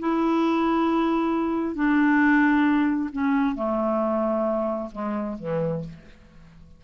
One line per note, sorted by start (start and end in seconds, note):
0.00 1.75 E4
1.75 3.10 D4
3.13 3.55 C#4
3.55 4.90 A3
4.92 5.37 G#3
5.39 5.84 E3